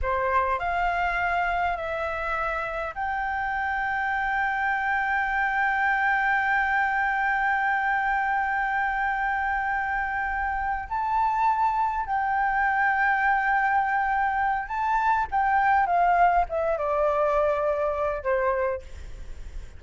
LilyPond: \new Staff \with { instrumentName = "flute" } { \time 4/4 \tempo 4 = 102 c''4 f''2 e''4~ | e''4 g''2.~ | g''1~ | g''1~ |
g''2~ g''8 a''4.~ | a''8 g''2.~ g''8~ | g''4 a''4 g''4 f''4 | e''8 d''2~ d''8 c''4 | }